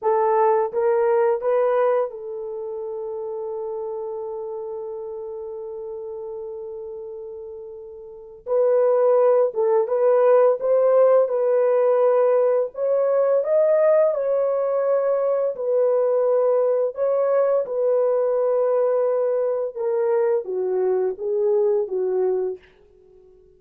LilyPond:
\new Staff \with { instrumentName = "horn" } { \time 4/4 \tempo 4 = 85 a'4 ais'4 b'4 a'4~ | a'1~ | a'1 | b'4. a'8 b'4 c''4 |
b'2 cis''4 dis''4 | cis''2 b'2 | cis''4 b'2. | ais'4 fis'4 gis'4 fis'4 | }